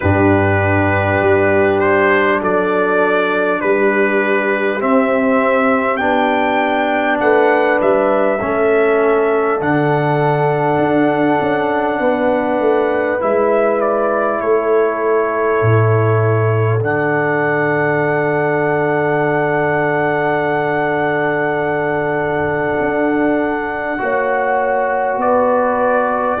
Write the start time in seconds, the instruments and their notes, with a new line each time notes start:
0.00 tuba G2, trombone D4, horn G4, trumpet B4
1.21 tuba G3
1.79 trumpet C5
2.41 tuba F#3, horn A4, trumpet D5
3.60 tuba G3, horn G4, trumpet B4
4.79 trombone C4, tuba C4, trumpet E5
5.96 tuba B3, trombone D4, trumpet G5
7.20 tuba A3, horn B4, trumpet F#5
7.81 tuba G3, trumpet E5
8.39 tuba A3, trombone C#4, horn A4
9.60 tuba D3, trombone D4, trumpet F#5
10.78 tuba D4
11.40 tuba C#4
11.99 tuba B3, horn B4
12.59 tuba A3
13.19 tuba G#3, trombone E4, trumpet E5
13.80 trumpet D5
14.40 tuba A3, horn A4, trumpet C#5
15.61 tuba A2
16.80 tuba D3, trombone D4, trumpet F#5
22.79 tuba D4
23.98 tuba A#3, trombone F#4, horn C#5
25.17 tuba B3, horn B4, trumpet D5